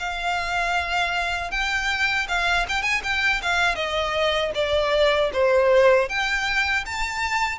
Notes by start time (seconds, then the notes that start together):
0.00 F5
1.52 G5
2.29 F5
2.69 G5
2.83 G#5
3.04 G5
3.43 F5
3.76 D#5
4.55 D5
5.33 C5
6.09 G5
6.86 A5